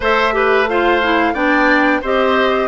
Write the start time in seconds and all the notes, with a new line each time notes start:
0.00 A3 A4 C5 E5
0.32 G4 B4
0.68 F4 C5 F5
1.02 E4
1.33 B3 D4 D5 G5
2.01 C4 G4 C5 D#5